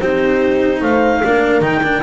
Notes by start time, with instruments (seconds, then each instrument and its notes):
0.00 double bass C4, cello D#4, horn G4, clarinet C5
0.81 double bass A3, horn C5, clarinet F5
1.24 double bass A#3, cello D4, horn A#4
1.61 double bass D#3, cello D#4, clarinet G5
1.83 cello D4